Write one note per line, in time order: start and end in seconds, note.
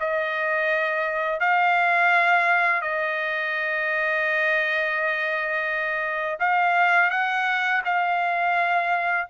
0.00 1.40 D#5
1.40 2.81 F5
2.81 6.39 D#5
6.39 7.10 F5
7.10 7.82 F#5
7.85 9.28 F5